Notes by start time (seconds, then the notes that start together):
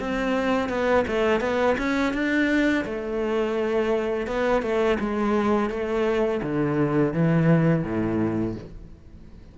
0.00 C4
0.69 B3
1.07 A3
1.41 B3
1.78 C#4
2.13 D4
2.85 A3
4.27 B3
4.62 A3
5.00 G#3
5.70 A3
6.43 D3
7.14 E3
7.83 A2